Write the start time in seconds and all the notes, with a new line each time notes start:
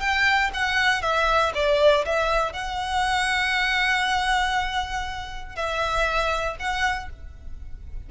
0.00 G5
0.53 F#5
1.02 E5
1.54 D5
2.05 E5
2.53 F#5
5.55 E5
6.59 F#5